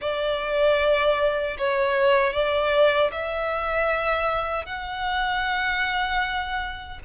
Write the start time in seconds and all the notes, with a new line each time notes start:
0.01 D5
1.58 C#5
2.33 D5
3.11 E5
4.65 F#5